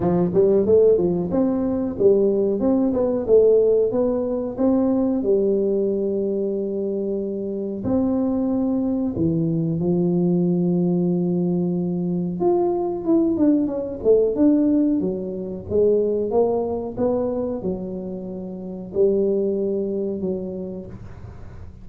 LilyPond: \new Staff \with { instrumentName = "tuba" } { \time 4/4 \tempo 4 = 92 f8 g8 a8 f8 c'4 g4 | c'8 b8 a4 b4 c'4 | g1 | c'2 e4 f4~ |
f2. f'4 | e'8 d'8 cis'8 a8 d'4 fis4 | gis4 ais4 b4 fis4~ | fis4 g2 fis4 | }